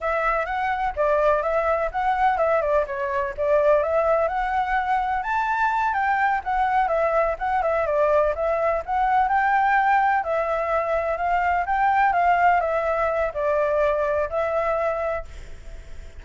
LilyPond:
\new Staff \with { instrumentName = "flute" } { \time 4/4 \tempo 4 = 126 e''4 fis''4 d''4 e''4 | fis''4 e''8 d''8 cis''4 d''4 | e''4 fis''2 a''4~ | a''8 g''4 fis''4 e''4 fis''8 |
e''8 d''4 e''4 fis''4 g''8~ | g''4. e''2 f''8~ | f''8 g''4 f''4 e''4. | d''2 e''2 | }